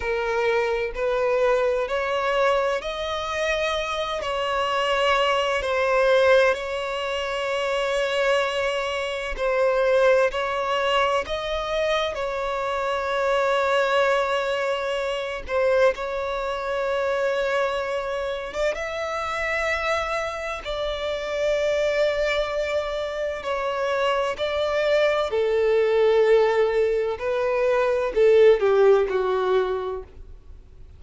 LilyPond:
\new Staff \with { instrumentName = "violin" } { \time 4/4 \tempo 4 = 64 ais'4 b'4 cis''4 dis''4~ | dis''8 cis''4. c''4 cis''4~ | cis''2 c''4 cis''4 | dis''4 cis''2.~ |
cis''8 c''8 cis''2~ cis''8. d''16 | e''2 d''2~ | d''4 cis''4 d''4 a'4~ | a'4 b'4 a'8 g'8 fis'4 | }